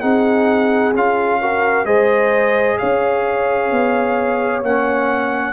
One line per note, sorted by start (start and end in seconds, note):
0.00 0.94 C4
0.00 0.93 D#4
0.00 1.39 G#4
0.00 0.92 F#5
0.94 1.85 C#4
0.94 1.41 F4
0.94 1.85 F5
1.41 1.86 F#4
1.41 1.86 A#4
1.85 2.77 G#3
1.85 4.62 G#4
1.85 2.78 C5
1.85 2.77 D#5
2.78 3.71 C#4
2.78 5.53 C#5
2.78 4.62 F5
3.71 4.62 B3
4.62 5.53 A#3
4.62 5.53 C#4
4.62 5.53 F#5